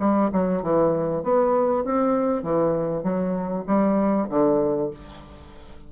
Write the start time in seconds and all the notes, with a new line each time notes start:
0.00 G3
0.33 F#3
0.63 E3
1.23 B3
1.85 C4
2.43 E3
3.03 F#3
3.67 G3
4.30 D3